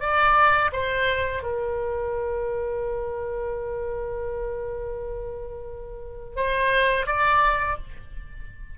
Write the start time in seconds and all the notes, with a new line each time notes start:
0.00 D5
0.73 C5
1.43 A#4
6.36 C5
7.06 D5